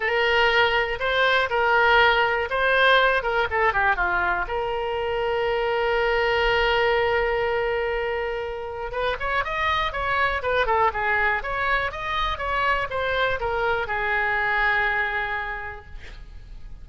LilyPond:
\new Staff \with { instrumentName = "oboe" } { \time 4/4 \tempo 4 = 121 ais'2 c''4 ais'4~ | ais'4 c''4. ais'8 a'8 g'8 | f'4 ais'2.~ | ais'1~ |
ais'2 b'8 cis''8 dis''4 | cis''4 b'8 a'8 gis'4 cis''4 | dis''4 cis''4 c''4 ais'4 | gis'1 | }